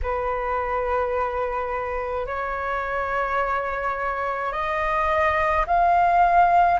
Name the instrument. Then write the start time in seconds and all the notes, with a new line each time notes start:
flute
0.02 B4
2.26 C#5
4.52 D#5
5.66 F5